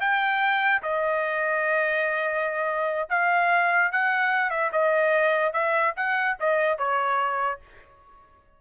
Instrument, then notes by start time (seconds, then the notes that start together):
trumpet
0.00 G5
0.82 D#5
3.09 F5
3.92 F#5
4.50 E5
4.72 D#5
5.53 E5
5.96 F#5
6.40 D#5
6.78 C#5